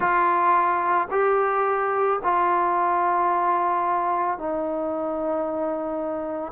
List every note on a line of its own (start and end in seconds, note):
0.00 1.08 F4
1.10 2.19 G4
2.23 4.38 F4
4.38 6.52 D#4